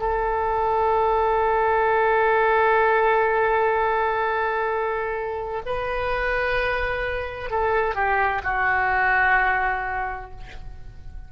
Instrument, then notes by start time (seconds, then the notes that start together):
oboe
0.00 A4
5.66 B4
7.50 A4
7.95 G4
8.44 F#4